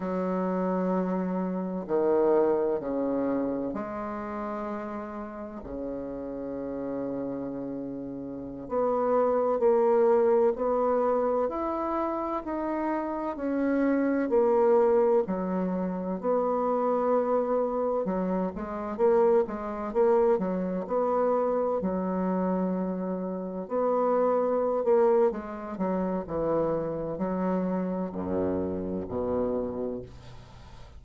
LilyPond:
\new Staff \with { instrumentName = "bassoon" } { \time 4/4 \tempo 4 = 64 fis2 dis4 cis4 | gis2 cis2~ | cis4~ cis16 b4 ais4 b8.~ | b16 e'4 dis'4 cis'4 ais8.~ |
ais16 fis4 b2 fis8 gis16~ | gis16 ais8 gis8 ais8 fis8 b4 fis8.~ | fis4~ fis16 b4~ b16 ais8 gis8 fis8 | e4 fis4 fis,4 b,4 | }